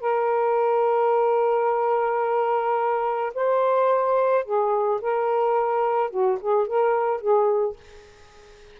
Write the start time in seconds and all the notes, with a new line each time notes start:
0.00 A#4
3.35 C5
4.45 G#4
5.01 A#4
6.11 F#4
6.41 G#4
6.67 A#4
7.21 G#4